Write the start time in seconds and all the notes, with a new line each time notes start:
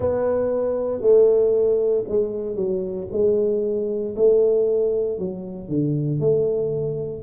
0.00 B3
1.01 A3
2.08 G#3
2.55 F#3
3.11 G#3
4.16 A3
5.18 F#3
5.68 D3
6.20 A3